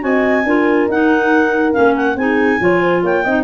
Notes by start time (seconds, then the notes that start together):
0.00 C4 F#4 D#5 G#5
0.44 D4 F4 A#4
0.88 D#4 F#5
1.72 A#3 C#4 F5
1.96 F#5
2.16 C4 D#4 G#4 G#5
2.60 F3 F4 C#5
2.81 C5
3.03 A#3 C#5 G5
3.24 C4 D#4 D#5